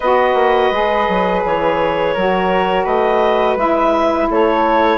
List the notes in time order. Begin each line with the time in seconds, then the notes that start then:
0.00 B3 F#4 B4 D#5
0.34 A#3
0.71 G#3 G#4
1.08 F#3
1.44 E3 C#5
2.14 F#3 F#4 A#4
2.84 A3 B4 D#5
3.56 G#3 E4 E5
4.30 A3 A4 C#5